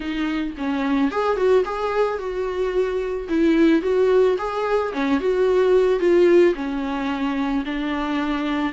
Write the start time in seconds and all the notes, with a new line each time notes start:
0.00 D#4
0.57 C#4
1.11 G#4
1.36 F#4
1.64 G#4
2.18 F#4
3.29 E4
3.82 F#4
4.38 G#4
4.92 C#4
5.19 F#4
5.99 F4
6.55 C#4
7.65 D4